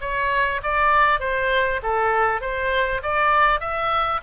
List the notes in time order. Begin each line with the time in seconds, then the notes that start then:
0.00 C#5
0.63 D5
1.20 C5
1.82 A4
2.40 C5
3.02 D5
3.60 E5